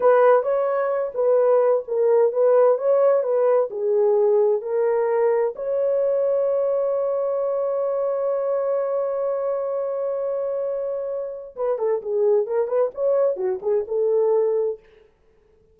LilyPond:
\new Staff \with { instrumentName = "horn" } { \time 4/4 \tempo 4 = 130 b'4 cis''4. b'4. | ais'4 b'4 cis''4 b'4 | gis'2 ais'2 | cis''1~ |
cis''1~ | cis''1~ | cis''4 b'8 a'8 gis'4 ais'8 b'8 | cis''4 fis'8 gis'8 a'2 | }